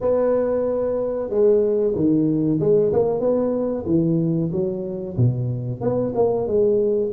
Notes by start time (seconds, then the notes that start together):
0.00 B3
1.29 G#3
1.95 D#3
2.60 G#3
2.92 A#3
3.20 B3
3.86 E3
4.52 F#3
5.16 B2
5.80 B3
6.14 A#3
6.47 G#3